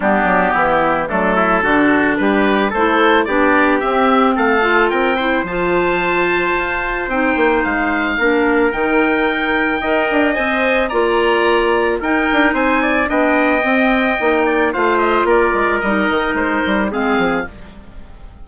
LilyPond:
<<
  \new Staff \with { instrumentName = "oboe" } { \time 4/4 \tempo 4 = 110 g'2 a'2 | b'4 c''4 d''4 e''4 | f''4 g''4 a''2~ | a''4 g''4 f''2 |
g''2. gis''4 | ais''2 g''4 gis''4 | g''2. f''8 dis''8 | d''4 dis''4 c''4 f''4 | }
  \new Staff \with { instrumentName = "trumpet" } { \time 4/4 d'4 e'4 d'8 e'8 fis'4 | g'4 a'4 g'2 | a'4 ais'8 c''2~ c''8~ | c''2. ais'4~ |
ais'2 dis''2 | d''2 ais'4 c''8 d''8 | dis''2~ dis''8 d''8 c''4 | ais'2. gis'4 | }
  \new Staff \with { instrumentName = "clarinet" } { \time 4/4 b2 a4 d'4~ | d'4 e'4 d'4 c'4~ | c'8 f'4 e'8 f'2~ | f'4 dis'2 d'4 |
dis'2 ais'4 c''4 | f'2 dis'2 | d'4 c'4 dis'4 f'4~ | f'4 dis'2 c'4 | }
  \new Staff \with { instrumentName = "bassoon" } { \time 4/4 g8 fis8 e4 fis4 d4 | g4 a4 b4 c'4 | a4 c'4 f2 | f'4 c'8 ais8 gis4 ais4 |
dis2 dis'8 d'8 c'4 | ais2 dis'8 d'8 c'4 | b4 c'4 ais4 a4 | ais8 gis8 g8 dis8 gis8 g8 gis8 f8 | }
>>